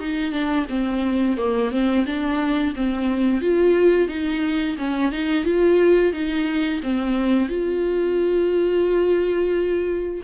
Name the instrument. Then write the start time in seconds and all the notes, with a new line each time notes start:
viola
0.00 D#4
0.32 D4
0.69 C4
1.37 A#3
1.71 C4
2.06 D4
2.76 C4
3.42 F4
4.08 D#4
4.78 C#4
5.12 D#4
5.45 F4
6.13 D#4
6.83 C4
7.49 F4